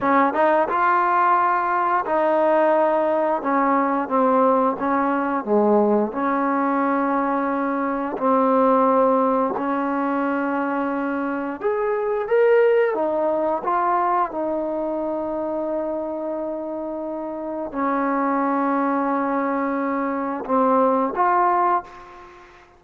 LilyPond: \new Staff \with { instrumentName = "trombone" } { \time 4/4 \tempo 4 = 88 cis'8 dis'8 f'2 dis'4~ | dis'4 cis'4 c'4 cis'4 | gis4 cis'2. | c'2 cis'2~ |
cis'4 gis'4 ais'4 dis'4 | f'4 dis'2.~ | dis'2 cis'2~ | cis'2 c'4 f'4 | }